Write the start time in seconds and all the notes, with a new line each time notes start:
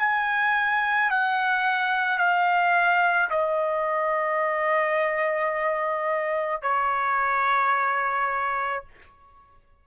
0.00 G#5
1.11 F#5
2.19 F5
3.31 D#5
6.62 C#5